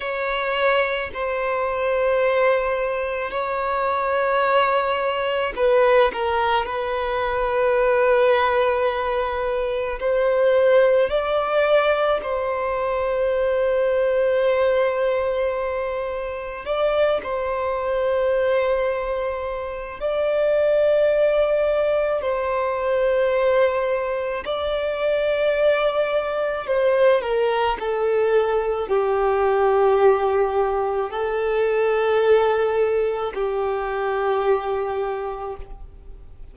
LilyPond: \new Staff \with { instrumentName = "violin" } { \time 4/4 \tempo 4 = 54 cis''4 c''2 cis''4~ | cis''4 b'8 ais'8 b'2~ | b'4 c''4 d''4 c''4~ | c''2. d''8 c''8~ |
c''2 d''2 | c''2 d''2 | c''8 ais'8 a'4 g'2 | a'2 g'2 | }